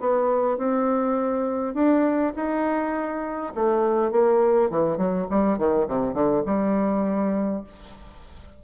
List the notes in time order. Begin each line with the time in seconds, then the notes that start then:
0.00 B3
0.57 C4
1.74 D4
2.35 D#4
3.55 A3
4.11 A#3
4.70 E3
4.97 F#3
5.30 G3
5.58 D#3
5.87 C3
6.13 D3
6.45 G3